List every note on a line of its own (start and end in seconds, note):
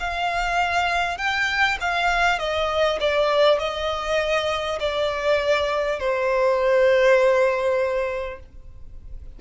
0.00 1.18 F5
1.18 1.78 G5
1.81 2.39 F5
2.39 2.99 D#5
3.01 3.59 D5
3.59 4.79 D#5
4.80 5.99 D5
5.99 8.39 C5